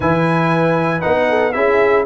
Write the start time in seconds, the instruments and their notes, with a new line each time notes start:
0.00 tuba E3, trombone E4, horn B4, trumpet G#5
1.01 tuba B3, trombone D#4, trumpet F#5
1.29 horn A4
1.52 tuba C#4, trombone E4, horn G#4, trumpet E5